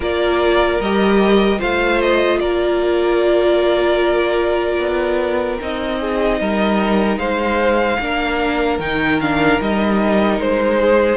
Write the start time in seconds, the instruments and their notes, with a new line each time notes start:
0.00 cello A#3, viola F4, violin A#4 D5
0.80 cello G3, viola G4, violin D#5
1.58 cello A3, viola F4, violin C5 F5
2.01 violin D#5
2.39 cello A#3, violin A#4 D5
4.79 cello B3
5.60 cello C4, viola D#4, violin D#5
5.99 violin G#4
6.40 cello G3, violin A#4
7.17 cello G#3, violin C5 F5
7.99 cello A#3, viola D4, violin A#4
8.79 cello D#3, viola D#4, violin G5
9.21 viola D4, violin F5
9.60 cello G3, viola D#4, violin D#5
10.39 cello G#3, violin C5
10.79 violin G#4